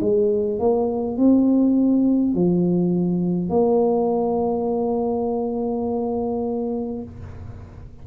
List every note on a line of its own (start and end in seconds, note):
0.00 0.59 G#3
0.59 1.17 A#3
1.17 2.34 C4
2.34 3.49 F3
3.49 7.02 A#3